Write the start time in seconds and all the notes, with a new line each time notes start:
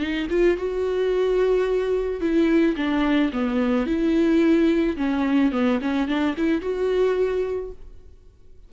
0.00 D#4
0.30 F4
0.58 F#4
2.21 E4
2.77 D4
3.33 B3
3.87 E4
4.97 C#4
5.52 B3
5.82 C#4
6.08 D4
6.38 E4
6.62 F#4